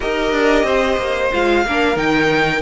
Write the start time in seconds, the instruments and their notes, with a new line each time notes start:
0.00 cello D#4, viola G4, violin A#4 D#5
0.32 cello D4
0.63 cello C4, violin C5
0.97 cello A#3
1.32 cello G#3, viola F4, violin F5
1.65 cello A#3, viola D4, violin A#4
1.95 cello D#3, viola D#4, violin G5